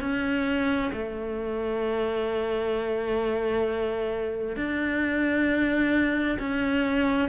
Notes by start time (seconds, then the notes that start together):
0.00 C#4
0.92 A3
4.56 D4
6.39 C#4